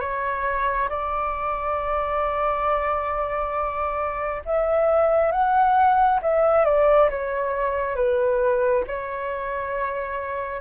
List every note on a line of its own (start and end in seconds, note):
0.00 0.88 C#5
0.89 4.42 D5
4.45 5.31 E5
5.31 6.20 F#5
6.22 6.65 E5
6.65 7.09 D5
7.10 7.95 C#5
7.95 8.84 B4
8.87 10.61 C#5